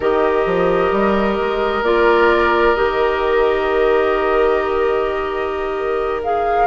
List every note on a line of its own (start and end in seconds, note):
0.00 0.46 D#3
0.00 1.84 G4
0.00 6.67 A#4
0.00 1.83 D#5
0.46 0.91 F3
0.91 1.37 G3
1.39 1.82 G#3
1.82 2.74 A#3
1.82 2.75 F4
1.82 2.75 D5
2.75 6.67 D#3
2.75 6.21 G4
2.75 6.21 D#5
6.23 6.67 G#4
6.23 6.67 F5